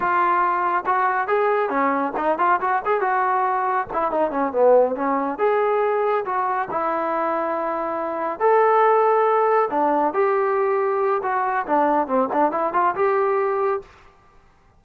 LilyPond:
\new Staff \with { instrumentName = "trombone" } { \time 4/4 \tempo 4 = 139 f'2 fis'4 gis'4 | cis'4 dis'8 f'8 fis'8 gis'8 fis'4~ | fis'4 e'8 dis'8 cis'8 b4 cis'8~ | cis'8 gis'2 fis'4 e'8~ |
e'2.~ e'8 a'8~ | a'2~ a'8 d'4 g'8~ | g'2 fis'4 d'4 | c'8 d'8 e'8 f'8 g'2 | }